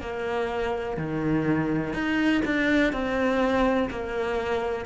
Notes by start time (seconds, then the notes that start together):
0.00 A#3
0.96 D#3
1.93 D#4
2.45 D4
2.92 C4
3.90 A#3